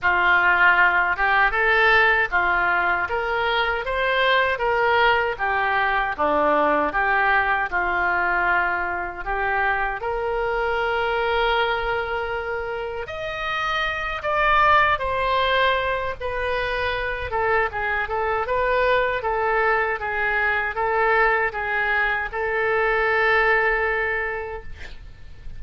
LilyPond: \new Staff \with { instrumentName = "oboe" } { \time 4/4 \tempo 4 = 78 f'4. g'8 a'4 f'4 | ais'4 c''4 ais'4 g'4 | d'4 g'4 f'2 | g'4 ais'2.~ |
ais'4 dis''4. d''4 c''8~ | c''4 b'4. a'8 gis'8 a'8 | b'4 a'4 gis'4 a'4 | gis'4 a'2. | }